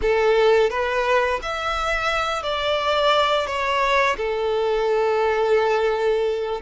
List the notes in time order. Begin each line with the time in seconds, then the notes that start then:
0.01 A4
0.70 B4
1.42 E5
2.43 D5
3.46 C#5
4.17 A4